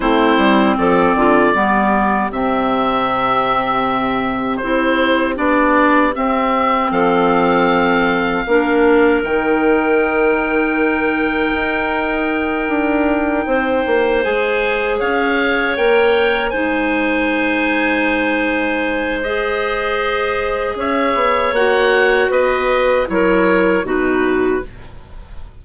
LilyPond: <<
  \new Staff \with { instrumentName = "oboe" } { \time 4/4 \tempo 4 = 78 c''4 d''2 e''4~ | e''2 c''4 d''4 | e''4 f''2. | g''1~ |
g''2~ g''8 gis''4 f''8~ | f''8 g''4 gis''2~ gis''8~ | gis''4 dis''2 e''4 | fis''4 dis''4 cis''4 b'4 | }
  \new Staff \with { instrumentName = "clarinet" } { \time 4/4 e'4 a'8 f'8 g'2~ | g'1~ | g'4 a'2 ais'4~ | ais'1~ |
ais'4. c''2 cis''8~ | cis''4. c''2~ c''8~ | c''2. cis''4~ | cis''4 b'4 ais'4 fis'4 | }
  \new Staff \with { instrumentName = "clarinet" } { \time 4/4 c'2 b4 c'4~ | c'2 e'4 d'4 | c'2. d'4 | dis'1~ |
dis'2~ dis'8 gis'4.~ | gis'8 ais'4 dis'2~ dis'8~ | dis'4 gis'2. | fis'2 e'4 dis'4 | }
  \new Staff \with { instrumentName = "bassoon" } { \time 4/4 a8 g8 f8 d8 g4 c4~ | c2 c'4 b4 | c'4 f2 ais4 | dis2. dis'4~ |
dis'8 d'4 c'8 ais8 gis4 cis'8~ | cis'8 ais4 gis2~ gis8~ | gis2. cis'8 b8 | ais4 b4 fis4 b,4 | }
>>